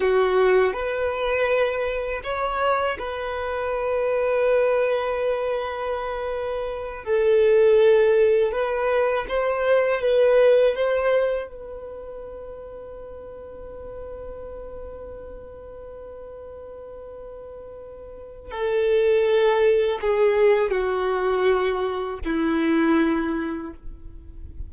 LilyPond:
\new Staff \with { instrumentName = "violin" } { \time 4/4 \tempo 4 = 81 fis'4 b'2 cis''4 | b'1~ | b'4. a'2 b'8~ | b'8 c''4 b'4 c''4 b'8~ |
b'1~ | b'1~ | b'4 a'2 gis'4 | fis'2 e'2 | }